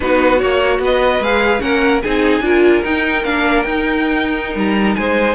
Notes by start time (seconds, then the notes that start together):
0.00 B3 D#4 F#4 B4
0.39 A#3 F#4 C#5
0.78 B3 B4 D#5
1.19 G#3 G#4 F5
1.59 A#3 C#4 A#4 F#5
2.02 C4 D#4 G#4 G#5
2.40 D4 F4 A#4
2.82 D#4 G5
3.24 A#3 D4 F5
3.63 D#4 G5
4.55 G3 A#5
4.95 G#3 C5 G#5